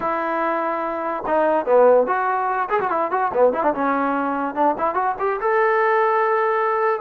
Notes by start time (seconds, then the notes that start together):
0.00 E4
1.26 D#4
1.65 B3
2.07 F#4
2.69 G#4
2.79 F#4
2.90 E4
3.11 F#4
3.33 B3
3.53 E4
3.63 D4
3.74 C#4
4.54 D4
4.78 E4
4.94 F#4
5.19 G4
5.40 A4